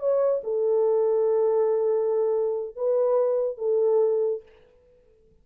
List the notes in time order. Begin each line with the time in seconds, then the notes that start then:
0.00 C#5
0.44 A4
2.77 B4
3.58 A4